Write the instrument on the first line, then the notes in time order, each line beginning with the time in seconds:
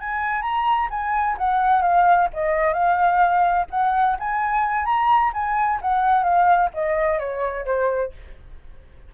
flute
0.00 G#5
0.42 A#5
0.90 G#5
1.38 F#5
1.82 F5
2.33 D#5
2.73 F5
3.70 F#5
4.19 G#5
4.85 A#5
5.33 G#5
5.81 F#5
6.23 F5
6.74 D#5
7.19 C#5
7.65 C5